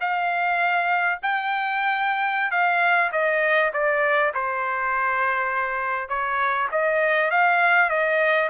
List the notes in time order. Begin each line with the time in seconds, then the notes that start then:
0.00 F5
1.22 G5
2.51 F5
3.12 D#5
3.73 D5
4.33 C5
6.08 C#5
6.71 D#5
7.30 F5
7.89 D#5